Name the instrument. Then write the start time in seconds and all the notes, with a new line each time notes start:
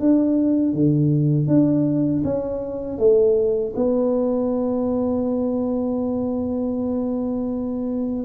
tuba
0.00 D4
0.74 D3
1.48 D4
2.24 C#4
2.99 A3
3.76 B3